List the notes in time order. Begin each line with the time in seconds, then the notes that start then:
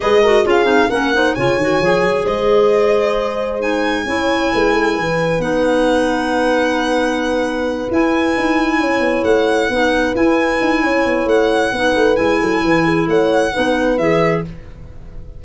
0.00 G#3 G#4 B4 D#5
0.22 F#4 A#4
0.44 C#4 F4 G#4 F5
0.64 C4 D#4
0.89 A#3 C#4 A#4 F#5
1.13 D#4 C5
1.34 C#3 F4 C#5 G#5
1.56 D#3 F#4
1.80 F3 G#4
2.02 F#3
2.24 G#3 C5 D#5
3.60 D#4 G#5
4.05 C#4 E4 C#5
4.52 G#3 B4
4.72 A4
4.94 E3 B4
5.38 B3 D#4 F#5
7.90 E4 G#5
8.36 D#4
8.80 C#4 C#5
9.00 B3
9.23 A3 F#5
9.69 B3 D#4 B4
10.14 E4 G#5
10.61 D#4
10.83 C#4 C#5
11.05 B3
11.25 A3 F#5
11.72 B3 D#4 B4
11.95 A3
12.15 G#3 E4 G#5
12.40 F#3 A4
12.63 E3 B4
12.85 G#4
13.07 A3 C#5 F#5
13.52 B3 D#4 B4
13.97 E3 G#4 E5